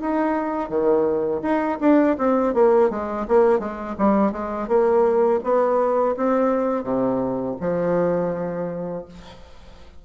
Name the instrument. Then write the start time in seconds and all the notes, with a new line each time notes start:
bassoon
0.00 D#4
0.69 D#3
1.42 D#4
1.80 D4
2.18 C4
2.54 A#3
2.90 G#3
3.28 A#3
3.59 G#3
3.98 G3
4.32 G#3
4.68 A#3
5.43 B3
6.16 C4
6.83 C3
7.60 F3